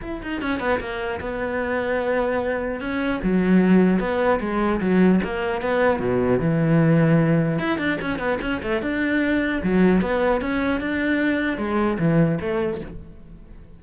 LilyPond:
\new Staff \with { instrumentName = "cello" } { \time 4/4 \tempo 4 = 150 e'8 dis'8 cis'8 b8 ais4 b4~ | b2. cis'4 | fis2 b4 gis4 | fis4 ais4 b4 b,4 |
e2. e'8 d'8 | cis'8 b8 cis'8 a8 d'2 | fis4 b4 cis'4 d'4~ | d'4 gis4 e4 a4 | }